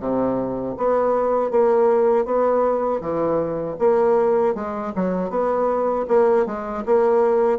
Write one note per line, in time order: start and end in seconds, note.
0.00 0.76 C3
0.78 1.51 B3
1.51 2.25 A#3
2.25 3.01 B3
3.01 3.77 E3
3.79 4.55 A#3
4.55 4.93 G#3
4.96 5.30 F#3
5.30 6.06 B3
6.08 6.46 A#3
6.47 6.85 G#3
6.86 7.59 A#3